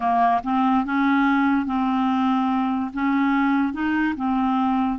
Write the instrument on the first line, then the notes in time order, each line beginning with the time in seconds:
clarinet
0.00 A#3
0.43 C4
0.85 C#4
1.66 C4
2.93 C#4
3.73 D#4
4.16 C4